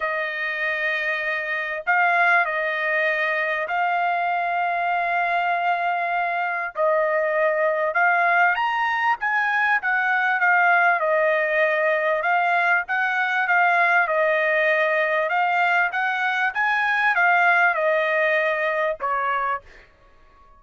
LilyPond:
\new Staff \with { instrumentName = "trumpet" } { \time 4/4 \tempo 4 = 98 dis''2. f''4 | dis''2 f''2~ | f''2. dis''4~ | dis''4 f''4 ais''4 gis''4 |
fis''4 f''4 dis''2 | f''4 fis''4 f''4 dis''4~ | dis''4 f''4 fis''4 gis''4 | f''4 dis''2 cis''4 | }